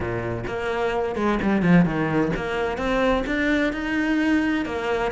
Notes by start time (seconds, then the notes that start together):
0.00 A#2
0.47 A#3
1.15 G#3
1.42 G3
1.62 F3
1.85 D#3
2.36 A#3
2.77 C4
3.26 D4
3.73 D#4
4.65 A#3